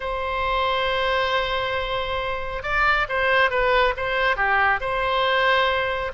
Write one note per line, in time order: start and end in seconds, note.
0.00 2.62 C5
2.63 3.06 D5
3.08 3.50 C5
3.50 3.94 B4
3.96 4.36 C5
4.36 4.80 G4
4.80 6.11 C5